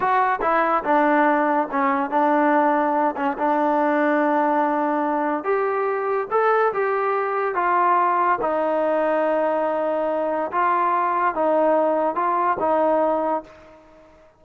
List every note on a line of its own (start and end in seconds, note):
0.00 0.39 F#4
0.41 0.83 E4
0.84 1.68 D4
1.71 2.10 C#4
2.10 3.15 D4
3.16 3.37 C#4
3.38 5.43 D4
5.43 6.27 G4
6.31 6.72 A4
6.73 7.54 G4
7.54 8.38 F4
8.41 10.51 D#4
10.51 11.34 F4
11.34 12.15 D#4
12.15 12.57 F4
12.59 13.43 D#4